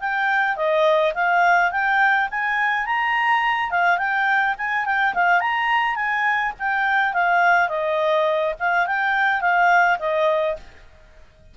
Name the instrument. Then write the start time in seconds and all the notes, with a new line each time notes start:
clarinet
0.00 G5
0.56 D#5
1.14 F5
1.71 G5
2.31 G#5
2.86 A#5
3.71 F5
3.98 G5
4.58 G#5
4.85 G5
5.14 F5
5.40 A#5
5.96 G#5
6.59 G5
7.14 F5
7.69 D#5
8.59 F5
8.87 G5
9.41 F5
9.99 D#5